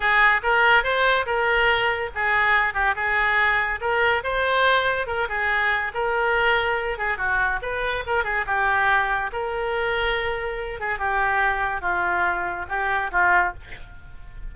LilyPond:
\new Staff \with { instrumentName = "oboe" } { \time 4/4 \tempo 4 = 142 gis'4 ais'4 c''4 ais'4~ | ais'4 gis'4. g'8 gis'4~ | gis'4 ais'4 c''2 | ais'8 gis'4. ais'2~ |
ais'8 gis'8 fis'4 b'4 ais'8 gis'8 | g'2 ais'2~ | ais'4. gis'8 g'2 | f'2 g'4 f'4 | }